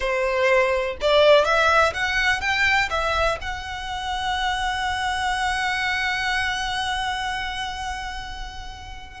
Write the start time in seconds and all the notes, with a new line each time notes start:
0.00 C5
1.01 D5
1.45 E5
1.93 F#5
2.40 G5
2.90 E5
3.41 F#5